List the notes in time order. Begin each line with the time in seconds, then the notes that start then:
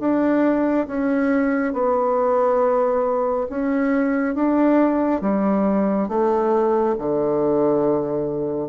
0.00 D4
0.88 C#4
1.74 B3
3.50 C#4
4.35 D4
5.22 G3
6.09 A3
6.99 D3